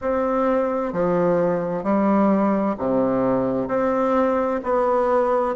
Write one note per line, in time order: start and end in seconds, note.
0.01 0.92 C4
0.92 1.83 F3
1.83 2.75 G3
2.77 3.68 C3
3.68 4.60 C4
4.63 5.56 B3